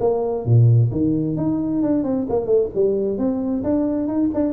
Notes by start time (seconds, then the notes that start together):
0.00 A#3
0.45 A#2
0.92 D#3
1.37 D#4
1.82 D4
2.04 C4
2.29 A#3
2.46 A3
2.75 G3
3.18 C4
3.64 D4
4.07 D#4
4.34 D4